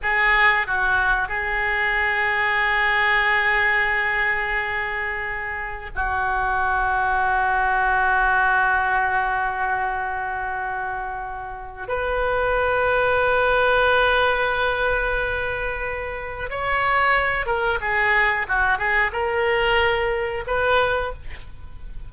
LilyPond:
\new Staff \with { instrumentName = "oboe" } { \time 4/4 \tempo 4 = 91 gis'4 fis'4 gis'2~ | gis'1~ | gis'4 fis'2.~ | fis'1~ |
fis'2 b'2~ | b'1~ | b'4 cis''4. ais'8 gis'4 | fis'8 gis'8 ais'2 b'4 | }